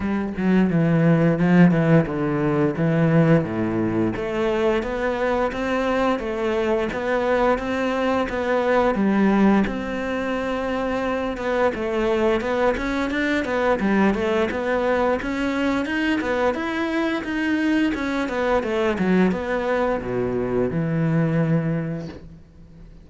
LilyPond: \new Staff \with { instrumentName = "cello" } { \time 4/4 \tempo 4 = 87 g8 fis8 e4 f8 e8 d4 | e4 a,4 a4 b4 | c'4 a4 b4 c'4 | b4 g4 c'2~ |
c'8 b8 a4 b8 cis'8 d'8 b8 | g8 a8 b4 cis'4 dis'8 b8 | e'4 dis'4 cis'8 b8 a8 fis8 | b4 b,4 e2 | }